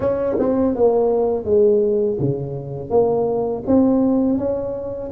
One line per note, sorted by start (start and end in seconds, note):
0.00 0.37 C#4
0.39 0.75 C4
0.75 1.44 A#3
1.44 2.18 G#3
2.19 2.90 C#3
2.90 3.63 A#3
3.66 4.38 C4
4.38 5.11 C#4